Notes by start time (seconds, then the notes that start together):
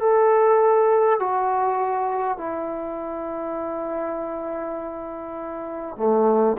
0.00 A4
1.20 F#4
2.38 E4
5.97 A3